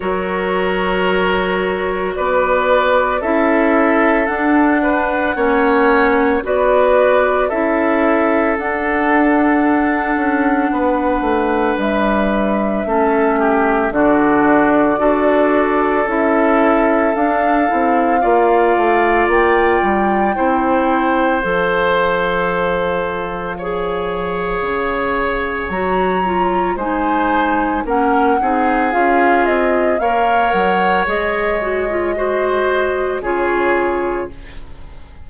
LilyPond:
<<
  \new Staff \with { instrumentName = "flute" } { \time 4/4 \tempo 4 = 56 cis''2 d''4 e''4 | fis''2 d''4 e''4 | fis''2. e''4~ | e''4 d''2 e''4 |
f''2 g''2 | f''1 | ais''4 gis''4 fis''4 f''8 dis''8 | f''8 fis''8 dis''2 cis''4 | }
  \new Staff \with { instrumentName = "oboe" } { \time 4/4 ais'2 b'4 a'4~ | a'8 b'8 cis''4 b'4 a'4~ | a'2 b'2 | a'8 g'8 fis'4 a'2~ |
a'4 d''2 c''4~ | c''2 cis''2~ | cis''4 c''4 ais'8 gis'4. | cis''2 c''4 gis'4 | }
  \new Staff \with { instrumentName = "clarinet" } { \time 4/4 fis'2. e'4 | d'4 cis'4 fis'4 e'4 | d'1 | cis'4 d'4 fis'4 e'4 |
d'8 e'8 f'2 e'4 | a'2 gis'2 | fis'8 f'8 dis'4 cis'8 dis'8 f'4 | ais'4 gis'8 fis'16 f'16 fis'4 f'4 | }
  \new Staff \with { instrumentName = "bassoon" } { \time 4/4 fis2 b4 cis'4 | d'4 ais4 b4 cis'4 | d'4. cis'8 b8 a8 g4 | a4 d4 d'4 cis'4 |
d'8 c'8 ais8 a8 ais8 g8 c'4 | f2. cis4 | fis4 gis4 ais8 c'8 cis'8 c'8 | ais8 fis8 gis2 cis4 | }
>>